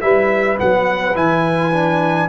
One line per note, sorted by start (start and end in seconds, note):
0.00 0.58 G3
0.00 0.57 E4
0.00 2.29 B4
0.00 0.57 E5
0.57 1.14 F#3
0.57 1.13 B3
0.57 1.16 F#5
1.14 2.27 E3
1.14 1.71 E4
1.14 2.29 G#5
1.72 2.29 D4